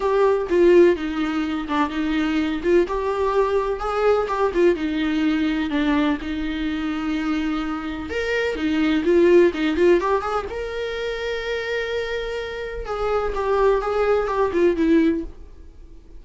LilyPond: \new Staff \with { instrumentName = "viola" } { \time 4/4 \tempo 4 = 126 g'4 f'4 dis'4. d'8 | dis'4. f'8 g'2 | gis'4 g'8 f'8 dis'2 | d'4 dis'2.~ |
dis'4 ais'4 dis'4 f'4 | dis'8 f'8 g'8 gis'8 ais'2~ | ais'2. gis'4 | g'4 gis'4 g'8 f'8 e'4 | }